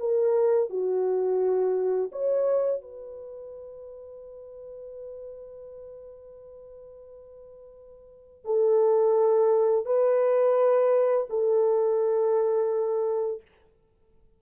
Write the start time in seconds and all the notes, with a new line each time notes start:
0.00 A#4
0.70 F#4
2.12 C#5
2.82 B4
8.45 A4
9.86 B4
11.30 A4